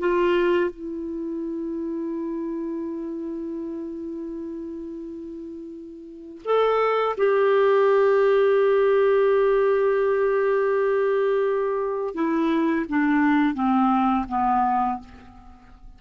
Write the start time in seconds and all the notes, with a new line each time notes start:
0.00 F4
0.71 E4
6.45 A4
7.18 G4
12.15 E4
12.90 D4
13.55 C4
14.29 B3